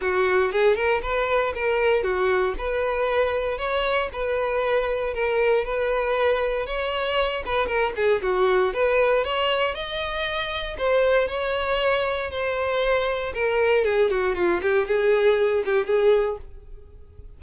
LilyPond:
\new Staff \with { instrumentName = "violin" } { \time 4/4 \tempo 4 = 117 fis'4 gis'8 ais'8 b'4 ais'4 | fis'4 b'2 cis''4 | b'2 ais'4 b'4~ | b'4 cis''4. b'8 ais'8 gis'8 |
fis'4 b'4 cis''4 dis''4~ | dis''4 c''4 cis''2 | c''2 ais'4 gis'8 fis'8 | f'8 g'8 gis'4. g'8 gis'4 | }